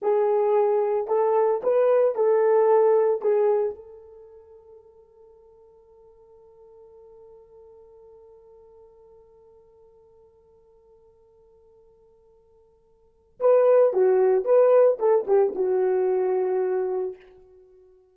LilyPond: \new Staff \with { instrumentName = "horn" } { \time 4/4 \tempo 4 = 112 gis'2 a'4 b'4 | a'2 gis'4 a'4~ | a'1~ | a'1~ |
a'1~ | a'1~ | a'4 b'4 fis'4 b'4 | a'8 g'8 fis'2. | }